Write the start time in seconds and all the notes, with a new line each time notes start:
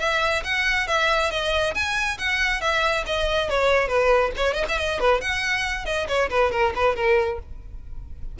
0.00 E5
0.44 F#5
0.88 E5
1.31 D#5
1.75 G#5
2.19 F#5
2.61 E5
3.07 D#5
3.50 C#5
3.88 B4
4.37 C#5
4.54 D#5
4.69 E5
4.79 D#5
5.00 B4
5.21 F#5
5.86 D#5
6.08 C#5
6.30 B4
6.52 A#4
6.76 B4
6.96 A#4